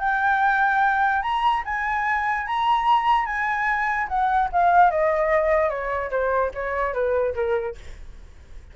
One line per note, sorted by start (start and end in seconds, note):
0.00 1.22 G5
1.23 1.64 A#5
1.65 2.47 G#5
2.47 3.26 A#5
3.26 4.08 G#5
4.08 4.49 F#5
4.53 4.91 F5
4.91 5.70 D#5
5.70 6.11 C#5
6.11 6.52 C5
6.55 6.94 C#5
6.94 7.35 B4
7.35 7.76 A#4